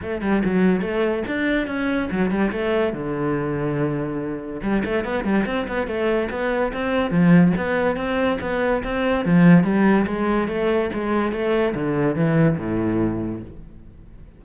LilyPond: \new Staff \with { instrumentName = "cello" } { \time 4/4 \tempo 4 = 143 a8 g8 fis4 a4 d'4 | cis'4 fis8 g8 a4 d4~ | d2. g8 a8 | b8 g8 c'8 b8 a4 b4 |
c'4 f4 b4 c'4 | b4 c'4 f4 g4 | gis4 a4 gis4 a4 | d4 e4 a,2 | }